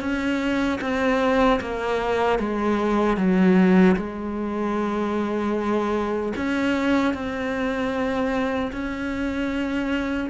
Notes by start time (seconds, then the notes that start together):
0.00 C#4
0.81 C4
1.60 A#3
2.39 G#3
3.17 F#3
3.96 G#3
6.36 C#4
7.13 C4
8.72 C#4